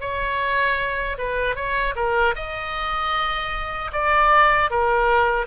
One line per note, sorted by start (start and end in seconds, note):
0.00 1.17 C#5
1.18 1.55 B4
1.55 1.94 C#5
1.96 2.34 A#4
2.35 3.91 D#5
3.92 4.70 D5
4.70 5.47 A#4